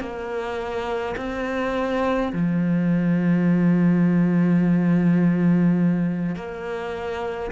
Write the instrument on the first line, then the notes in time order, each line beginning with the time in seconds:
cello
0.00 A#3
1.17 C4
2.33 F3
6.36 A#3